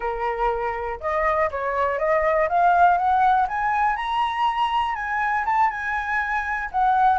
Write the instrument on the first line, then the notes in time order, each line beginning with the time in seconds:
flute
0.00 A#4
1.00 D#5
1.50 C#5
1.99 D#5
2.48 F5
2.97 F#5
3.48 G#5
3.96 A#5
4.95 G#5
5.45 A5
5.70 G#5
6.71 F#5